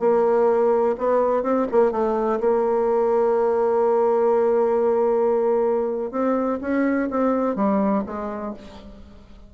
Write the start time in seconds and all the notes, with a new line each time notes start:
0.00 A#3
0.98 B3
1.44 C4
1.72 A#3
1.92 A3
2.40 A#3
6.12 C4
6.62 C#4
7.11 C4
7.56 G3
8.06 G#3